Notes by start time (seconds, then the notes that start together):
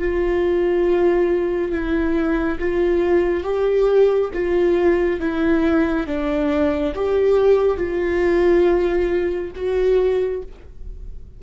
0.00 F4
1.72 E4
2.60 F4
3.44 G4
4.34 F4
5.20 E4
6.08 D4
6.95 G4
7.78 F4
9.56 F#4